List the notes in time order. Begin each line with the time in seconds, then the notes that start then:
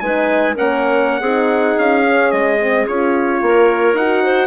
0.00 G#3 D#4 B4 G#5
0.55 A#3 C#4 A#4 F#5
1.21 C4 D#4 G#4
1.79 C#4 F5
2.05 C#4
2.32 G#3 D#5
2.60 C4
2.88 C#4 F4 C#5
3.42 A#3 A#4
3.94 D#4 F#4 F#5
4.24 C5